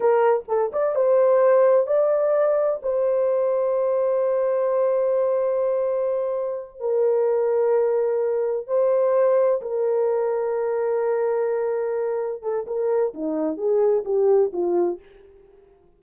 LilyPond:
\new Staff \with { instrumentName = "horn" } { \time 4/4 \tempo 4 = 128 ais'4 a'8 d''8 c''2 | d''2 c''2~ | c''1~ | c''2~ c''8 ais'4.~ |
ais'2~ ais'8 c''4.~ | c''8 ais'2.~ ais'8~ | ais'2~ ais'8 a'8 ais'4 | dis'4 gis'4 g'4 f'4 | }